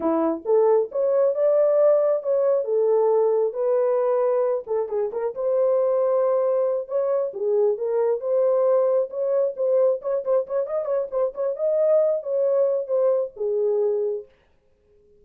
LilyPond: \new Staff \with { instrumentName = "horn" } { \time 4/4 \tempo 4 = 135 e'4 a'4 cis''4 d''4~ | d''4 cis''4 a'2 | b'2~ b'8 a'8 gis'8 ais'8 | c''2.~ c''8 cis''8~ |
cis''8 gis'4 ais'4 c''4.~ | c''8 cis''4 c''4 cis''8 c''8 cis''8 | dis''8 cis''8 c''8 cis''8 dis''4. cis''8~ | cis''4 c''4 gis'2 | }